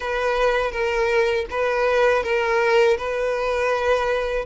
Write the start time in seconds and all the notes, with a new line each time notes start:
0.00 B4
0.71 A#4
1.50 B4
2.23 A#4
2.97 B4